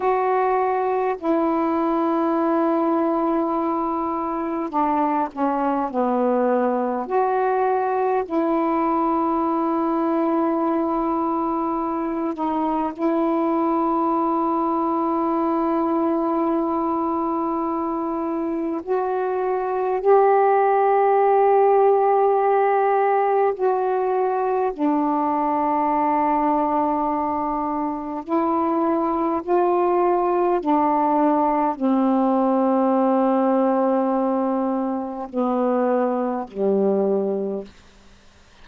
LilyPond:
\new Staff \with { instrumentName = "saxophone" } { \time 4/4 \tempo 4 = 51 fis'4 e'2. | d'8 cis'8 b4 fis'4 e'4~ | e'2~ e'8 dis'8 e'4~ | e'1 |
fis'4 g'2. | fis'4 d'2. | e'4 f'4 d'4 c'4~ | c'2 b4 g4 | }